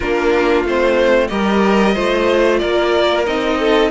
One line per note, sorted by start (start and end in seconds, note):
0.00 0.64 A#3
0.00 0.66 D4
0.00 1.29 F4
0.00 0.63 A#4
0.64 1.29 A3
0.64 1.29 C4
0.64 1.27 C5
1.27 1.96 G3
1.27 1.94 G4
1.27 1.94 A#4
1.27 2.58 D#5
1.94 2.62 A3
1.94 3.25 F4
1.94 2.60 C5
2.58 3.27 A#3
2.58 3.58 A#4
2.58 3.23 D5
3.25 3.91 C4
3.25 3.91 D#4
3.25 3.91 D#5
3.59 3.91 A4